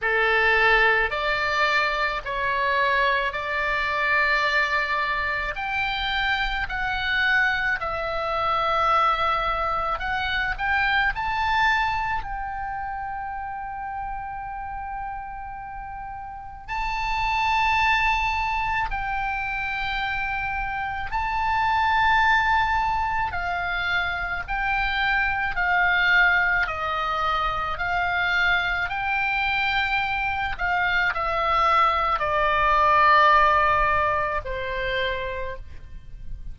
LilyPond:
\new Staff \with { instrumentName = "oboe" } { \time 4/4 \tempo 4 = 54 a'4 d''4 cis''4 d''4~ | d''4 g''4 fis''4 e''4~ | e''4 fis''8 g''8 a''4 g''4~ | g''2. a''4~ |
a''4 g''2 a''4~ | a''4 f''4 g''4 f''4 | dis''4 f''4 g''4. f''8 | e''4 d''2 c''4 | }